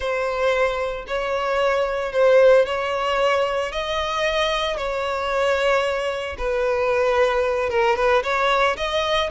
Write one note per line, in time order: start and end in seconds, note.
0.00 1.05 C5
1.07 2.12 C#5
2.12 2.65 C5
2.65 3.72 C#5
3.72 4.77 D#5
4.77 6.36 C#5
6.38 7.69 B4
7.69 7.96 A#4
7.96 8.22 B4
8.23 8.76 C#5
8.76 9.29 D#5